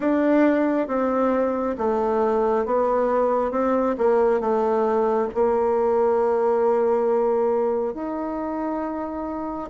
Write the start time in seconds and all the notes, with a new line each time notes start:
0.00 D4
0.87 C4
1.78 A3
2.65 B3
3.51 C4
3.98 A#3
4.40 A3
5.34 A#3
7.94 D#4